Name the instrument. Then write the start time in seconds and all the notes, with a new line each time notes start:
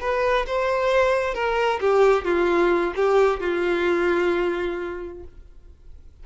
violin
0.00 B4
0.46 C5
1.34 A#4
1.80 G4
2.25 F4
2.96 G4
3.40 F4